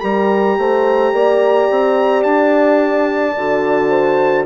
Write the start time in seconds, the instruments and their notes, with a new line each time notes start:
0.00 bassoon G3, horn G4 A#4, trumpet A#5
0.58 bassoon A3, horn C5
1.13 bassoon A#3, horn D5
1.70 bassoon C4
2.23 bassoon D4, trumpet A5
3.37 bassoon D3, horn F#4
3.90 horn C5